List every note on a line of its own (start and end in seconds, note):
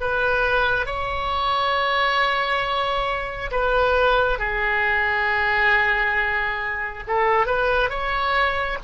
0.00 0.86 B4
0.86 3.51 C#5
3.51 4.39 B4
4.39 7.03 G#4
7.07 7.46 A4
7.46 7.89 B4
7.89 8.78 C#5